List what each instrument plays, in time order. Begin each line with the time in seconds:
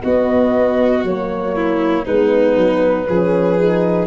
0.00 horn B3, tuba B3, violin F#4, flute D#5
1.04 tuba F#3, horn A#3, flute C#5
1.55 violin E4
2.05 tuba G#3, horn B3, violin D#4, flute B4
2.57 tuba F#3
3.09 tuba F3, horn C#4, violin G#4
3.58 horn D#4